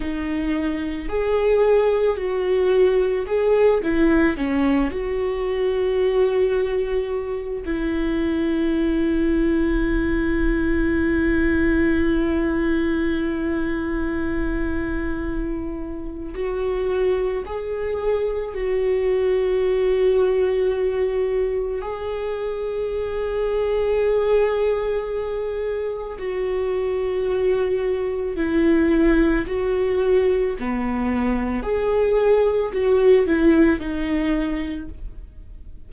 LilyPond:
\new Staff \with { instrumentName = "viola" } { \time 4/4 \tempo 4 = 55 dis'4 gis'4 fis'4 gis'8 e'8 | cis'8 fis'2~ fis'8 e'4~ | e'1~ | e'2. fis'4 |
gis'4 fis'2. | gis'1 | fis'2 e'4 fis'4 | b4 gis'4 fis'8 e'8 dis'4 | }